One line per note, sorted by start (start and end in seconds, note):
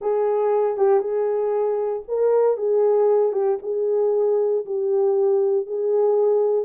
0.01 0.77 G#4
0.77 1.00 G4
1.00 2.02 G#4
2.08 2.57 A#4
2.57 3.32 G#4
3.32 3.58 G4
3.62 4.65 G#4
4.65 5.66 G4
5.66 6.65 G#4